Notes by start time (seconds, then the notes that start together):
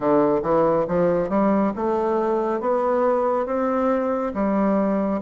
0.00 D3
0.42 E3
0.87 F3
1.29 G3
1.75 A3
2.60 B3
3.45 C4
4.34 G3